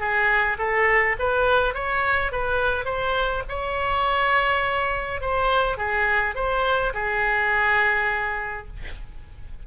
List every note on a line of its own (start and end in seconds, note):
0.00 0.58 G#4
0.59 1.16 A4
1.20 1.75 B4
1.75 2.32 C#5
2.32 2.86 B4
2.86 3.43 C5
3.49 5.21 C#5
5.21 5.78 C5
5.78 6.35 G#4
6.35 6.93 C5
6.94 8.67 G#4